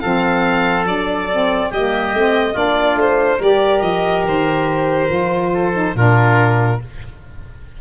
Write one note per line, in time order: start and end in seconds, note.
0.00 0.85 F3
0.00 0.86 C4
0.00 1.70 A4
0.00 0.85 F5
0.85 1.70 F#3
0.85 1.29 D4
0.85 1.71 D5
1.31 1.73 C4
1.70 2.13 G3
1.70 2.16 A#3
1.70 2.53 G4
1.70 2.57 D#5
2.13 2.55 A3
2.13 2.54 C4
2.53 2.95 A#3
2.53 3.38 D4
2.53 3.38 F4
2.53 2.99 D5
2.95 3.38 A3
2.95 3.42 C5
3.38 3.82 G3
3.38 5.08 G4
3.38 5.49 A#4
3.38 3.82 D5
3.82 4.24 F3
3.82 4.24 D#5
4.24 5.09 D#3
4.24 5.96 C5
5.08 5.94 F3
5.08 5.71 F4
5.54 5.96 A4
5.73 5.94 D#4
5.95 6.80 A#2
5.95 6.81 D4
5.95 6.81 F4
5.95 6.80 A#4